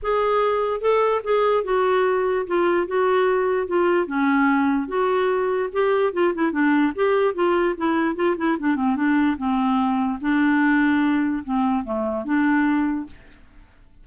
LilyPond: \new Staff \with { instrumentName = "clarinet" } { \time 4/4 \tempo 4 = 147 gis'2 a'4 gis'4 | fis'2 f'4 fis'4~ | fis'4 f'4 cis'2 | fis'2 g'4 f'8 e'8 |
d'4 g'4 f'4 e'4 | f'8 e'8 d'8 c'8 d'4 c'4~ | c'4 d'2. | c'4 a4 d'2 | }